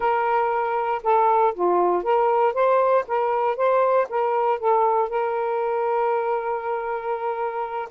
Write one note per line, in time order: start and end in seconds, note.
0.00 1.02 A#4
1.03 1.54 A4
1.54 2.03 F4
2.03 2.53 A#4
2.53 3.04 C5
3.07 3.56 A#4
3.56 4.07 C5
4.09 4.59 A#4
4.59 5.09 A4
5.09 7.88 A#4